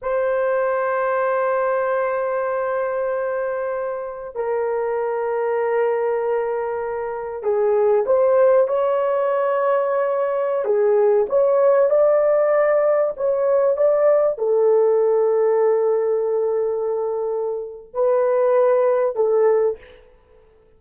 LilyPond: \new Staff \with { instrumentName = "horn" } { \time 4/4 \tempo 4 = 97 c''1~ | c''2. ais'4~ | ais'1 | gis'4 c''4 cis''2~ |
cis''4~ cis''16 gis'4 cis''4 d''8.~ | d''4~ d''16 cis''4 d''4 a'8.~ | a'1~ | a'4 b'2 a'4 | }